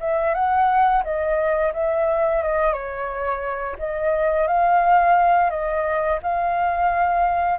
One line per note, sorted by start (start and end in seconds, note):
0.00 0.34 E5
0.34 1.03 F#5
1.04 1.73 D#5
1.74 2.43 E5
2.43 2.73 D#5
2.73 3.76 C#5
3.79 4.48 D#5
4.48 5.50 F5
5.50 6.19 D#5
6.23 7.59 F5